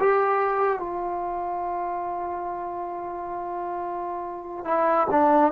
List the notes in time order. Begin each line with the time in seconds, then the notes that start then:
0.00 G4
0.79 F4
4.65 E4
5.11 D4